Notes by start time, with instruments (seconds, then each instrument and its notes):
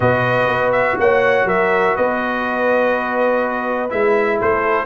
0.00 tuba B2, trombone F#4, horn B4, trumpet D#5
0.48 tuba B3
0.72 trumpet E5
0.99 tuba A#3, horn C#5, trumpet F#5
1.44 tuba F#3, horn A#4, trumpet E5
1.95 tuba B3, horn B4, trumpet D#5
3.89 tuba G#3, trombone E4, trumpet E5
4.39 tuba A3, horn A4, trumpet C5